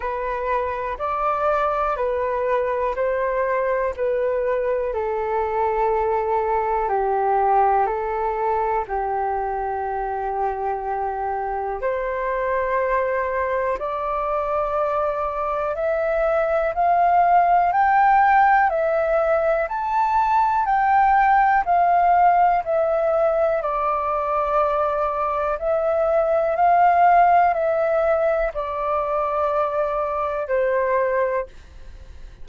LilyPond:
\new Staff \with { instrumentName = "flute" } { \time 4/4 \tempo 4 = 61 b'4 d''4 b'4 c''4 | b'4 a'2 g'4 | a'4 g'2. | c''2 d''2 |
e''4 f''4 g''4 e''4 | a''4 g''4 f''4 e''4 | d''2 e''4 f''4 | e''4 d''2 c''4 | }